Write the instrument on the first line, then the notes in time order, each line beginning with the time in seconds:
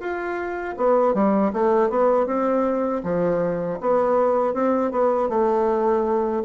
bassoon
0.00 F4
0.77 B3
1.14 G3
1.53 A3
1.90 B3
2.27 C4
3.04 F3
3.81 B3
4.54 C4
4.92 B3
5.29 A3